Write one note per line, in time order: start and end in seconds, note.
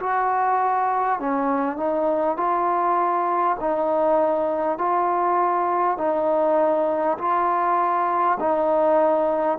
0.00 1.20 F#4
1.20 1.77 C#4
1.77 2.37 D#4
2.37 3.57 F4
3.61 4.78 D#4
4.78 5.98 F4
5.98 7.18 D#4
7.18 8.38 F4
8.40 9.59 D#4